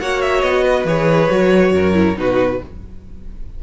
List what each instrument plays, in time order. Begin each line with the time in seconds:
0.00 cello A#3, viola F#4, violin C#5 F#5
0.21 violin E5
0.42 cello B3, violin D#5
0.64 violin B4
0.85 cello E3, viola G#4, violin C#5
1.30 cello F#3, viola F#4
1.72 cello F#2, violin A#4
1.94 viola E4
2.15 cello B2, viola D#4, violin F#4 B4